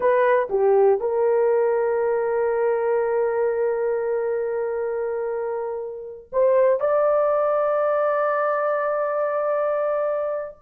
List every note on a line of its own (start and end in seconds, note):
0.00 0.48 B4
0.49 0.99 G4
1.00 6.29 A#4
6.32 6.79 C5
6.79 10.57 D5